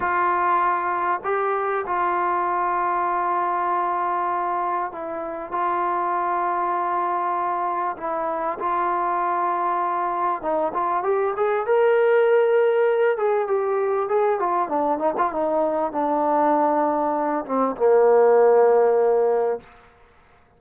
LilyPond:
\new Staff \with { instrumentName = "trombone" } { \time 4/4 \tempo 4 = 98 f'2 g'4 f'4~ | f'1 | e'4 f'2.~ | f'4 e'4 f'2~ |
f'4 dis'8 f'8 g'8 gis'8 ais'4~ | ais'4. gis'8 g'4 gis'8 f'8 | d'8 dis'16 f'16 dis'4 d'2~ | d'8 c'8 ais2. | }